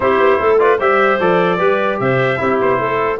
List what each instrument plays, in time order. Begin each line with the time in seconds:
0.00 tuba C4, trombone E4, clarinet G4, trumpet C5
0.19 tuba B3
0.39 tuba A3, clarinet A4
0.58 trombone F4, clarinet B4, trumpet D5
0.78 tuba G3, trombone G4, clarinet C5, trumpet E5
1.20 tuba F3, trombone A4, trumpet D5
1.58 tuba G3, trombone G4, clarinet B4
2.00 tuba C3, clarinet C5, trumpet E5
2.37 tuba C4, trombone E4, clarinet G4
2.60 tuba B3, trumpet C5
2.78 tuba A3, clarinet A4